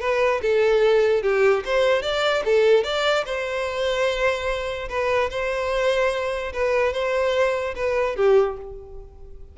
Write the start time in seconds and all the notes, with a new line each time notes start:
0.00 B4
0.41 A4
1.22 G4
1.64 C5
2.02 D5
2.45 A4
2.83 D5
3.25 C5
4.89 B4
5.30 C5
6.53 B4
6.93 C5
7.75 B4
8.16 G4